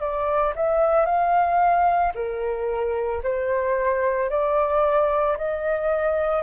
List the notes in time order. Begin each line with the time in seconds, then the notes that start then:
0.00 D5
0.56 E5
1.06 F5
2.15 A#4
3.23 C5
4.30 D5
5.37 D#5